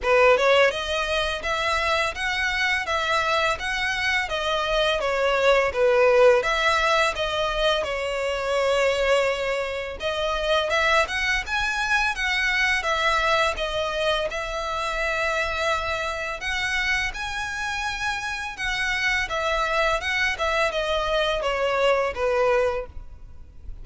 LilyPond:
\new Staff \with { instrumentName = "violin" } { \time 4/4 \tempo 4 = 84 b'8 cis''8 dis''4 e''4 fis''4 | e''4 fis''4 dis''4 cis''4 | b'4 e''4 dis''4 cis''4~ | cis''2 dis''4 e''8 fis''8 |
gis''4 fis''4 e''4 dis''4 | e''2. fis''4 | gis''2 fis''4 e''4 | fis''8 e''8 dis''4 cis''4 b'4 | }